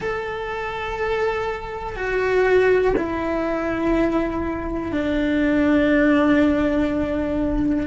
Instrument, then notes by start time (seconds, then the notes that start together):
cello
0.00 A4
1.95 F#4
2.96 E4
4.92 D4